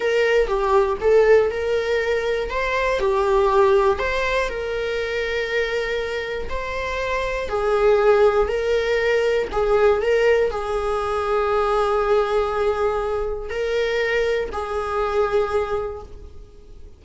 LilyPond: \new Staff \with { instrumentName = "viola" } { \time 4/4 \tempo 4 = 120 ais'4 g'4 a'4 ais'4~ | ais'4 c''4 g'2 | c''4 ais'2.~ | ais'4 c''2 gis'4~ |
gis'4 ais'2 gis'4 | ais'4 gis'2.~ | gis'2. ais'4~ | ais'4 gis'2. | }